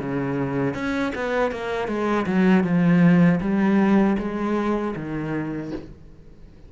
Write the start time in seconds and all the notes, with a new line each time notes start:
0.00 C#3
0.74 C#4
1.15 B3
1.52 A#3
1.88 G#3
2.26 F#3
2.64 F3
3.41 G3
4.19 G#3
4.96 D#3